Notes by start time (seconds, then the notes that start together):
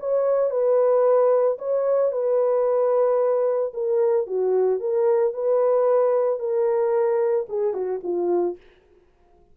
0.00 C#5
0.51 B4
1.59 C#5
2.12 B4
3.74 A#4
4.27 F#4
4.80 A#4
5.34 B4
6.40 A#4
7.49 G#4
7.74 F#4
8.03 F4